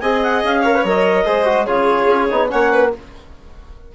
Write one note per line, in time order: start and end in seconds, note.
0.00 0.43 C4
0.00 0.64 G#4
0.00 0.61 D#5
0.00 0.21 G#5
0.22 0.43 F#5
0.43 0.84 C#4
0.43 0.86 F5
0.61 0.74 A#4
0.61 1.24 C#5
0.74 0.85 B4
0.84 1.26 F#3
0.84 1.25 A#4
0.84 1.66 D#5
1.25 1.68 G#3
1.25 1.45 G#4
1.25 1.66 C5
1.45 1.66 F#4
1.66 2.07 C#3
1.66 2.29 F4
1.66 2.49 G#4
1.66 2.49 C#5
2.07 2.28 C#4
2.30 2.51 B3
2.30 2.49 D#4
2.49 2.95 A#3
2.49 2.90 C#4
2.49 2.72 C#5
2.49 2.92 F#5
2.72 2.92 B4